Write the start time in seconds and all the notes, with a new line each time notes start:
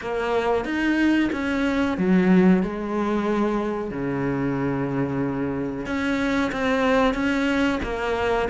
0.01 A#3
0.64 D#4
1.32 C#4
1.97 F#3
2.62 G#3
3.90 C#3
5.86 C#4
6.52 C4
7.14 C#4
7.83 A#3